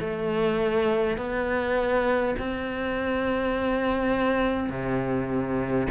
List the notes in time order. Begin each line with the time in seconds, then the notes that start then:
0.00 A3
1.17 B3
2.39 C4
4.70 C3